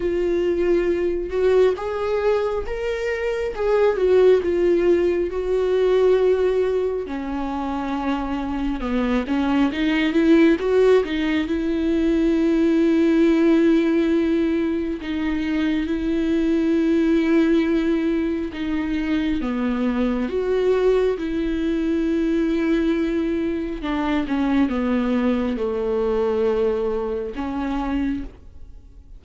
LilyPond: \new Staff \with { instrumentName = "viola" } { \time 4/4 \tempo 4 = 68 f'4. fis'8 gis'4 ais'4 | gis'8 fis'8 f'4 fis'2 | cis'2 b8 cis'8 dis'8 e'8 | fis'8 dis'8 e'2.~ |
e'4 dis'4 e'2~ | e'4 dis'4 b4 fis'4 | e'2. d'8 cis'8 | b4 a2 cis'4 | }